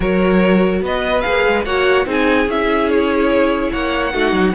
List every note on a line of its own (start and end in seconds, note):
0.00 0.81 F#3
0.00 1.20 F#4
0.00 0.82 A#4
0.00 0.83 C#5
0.81 1.23 B3
0.81 1.65 B4
0.81 1.20 D#5
1.20 1.47 A#3
1.20 1.64 G#4
1.20 1.62 F5
1.47 1.65 G#3
1.65 2.06 A#3
1.65 2.05 F#4
1.65 2.06 C#5
1.65 2.06 F#5
2.05 2.46 C4
2.05 2.47 D#4
2.05 3.71 G#4
2.05 2.50 G#5
2.46 3.70 C#4
2.46 4.12 E4
2.46 2.89 E5
2.89 3.72 C#5
3.71 4.13 A#3
3.71 4.13 C#5
3.71 4.54 F#5
4.12 4.32 A3
4.12 4.53 D#4
4.12 4.54 F#4
4.32 4.53 F#3